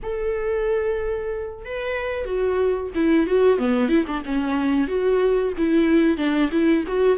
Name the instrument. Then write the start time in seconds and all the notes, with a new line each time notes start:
viola
0.03 A4
1.65 B4
2.25 F#4
2.95 E4
3.26 F#4
3.58 B3
3.88 E4
4.07 D4
4.25 C#4
4.87 F#4
5.57 E4
6.17 D4
6.51 E4
6.87 F#4